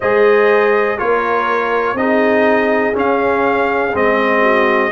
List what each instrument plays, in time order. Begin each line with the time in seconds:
0.00 tuba G#3, trombone G#4, horn C5, trumpet D#5
0.98 tuba A#3, trombone F4, horn A#4, trumpet C#5
1.93 tuba C4, trombone D#4, trumpet D#5
2.00 horn G#4
2.93 trombone C#4, tuba C#4, trumpet F5
3.93 tuba G#3, trombone C4, trumpet D#5
4.41 horn F#4